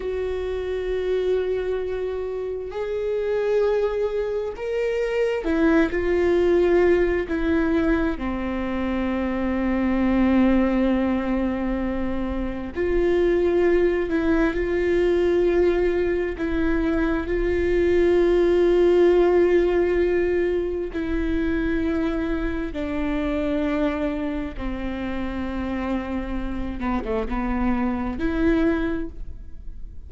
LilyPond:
\new Staff \with { instrumentName = "viola" } { \time 4/4 \tempo 4 = 66 fis'2. gis'4~ | gis'4 ais'4 e'8 f'4. | e'4 c'2.~ | c'2 f'4. e'8 |
f'2 e'4 f'4~ | f'2. e'4~ | e'4 d'2 c'4~ | c'4. b16 a16 b4 e'4 | }